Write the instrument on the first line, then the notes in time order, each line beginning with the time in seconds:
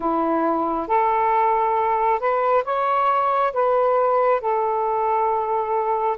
saxophone
0.00 E4
0.87 A4
2.19 B4
2.64 C#5
3.53 B4
4.40 A4